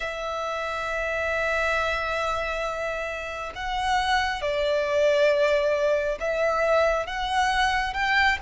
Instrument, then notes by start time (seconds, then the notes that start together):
violin
0.00 E5
3.55 F#5
4.41 D5
6.20 E5
7.06 F#5
7.93 G5